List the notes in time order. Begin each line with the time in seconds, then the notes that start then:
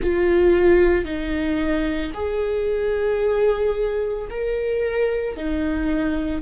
0.01 F4
1.04 D#4
2.14 G#4
4.30 A#4
5.36 D#4